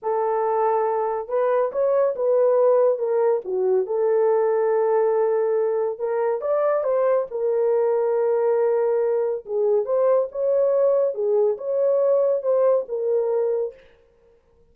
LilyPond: \new Staff \with { instrumentName = "horn" } { \time 4/4 \tempo 4 = 140 a'2. b'4 | cis''4 b'2 ais'4 | fis'4 a'2.~ | a'2 ais'4 d''4 |
c''4 ais'2.~ | ais'2 gis'4 c''4 | cis''2 gis'4 cis''4~ | cis''4 c''4 ais'2 | }